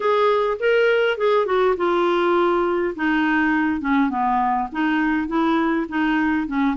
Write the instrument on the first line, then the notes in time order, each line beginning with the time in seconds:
clarinet
0.00 G#4
0.59 A#4
1.17 G#4
1.45 F#4
1.76 F4
2.95 D#4
3.80 C#4
4.09 B3
4.72 D#4
5.27 E4
5.88 D#4
6.47 C#4